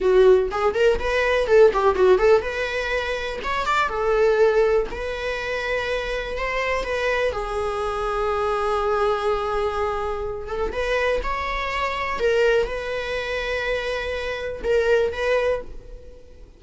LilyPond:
\new Staff \with { instrumentName = "viola" } { \time 4/4 \tempo 4 = 123 fis'4 gis'8 ais'8 b'4 a'8 g'8 | fis'8 a'8 b'2 cis''8 d''8 | a'2 b'2~ | b'4 c''4 b'4 gis'4~ |
gis'1~ | gis'4. a'8 b'4 cis''4~ | cis''4 ais'4 b'2~ | b'2 ais'4 b'4 | }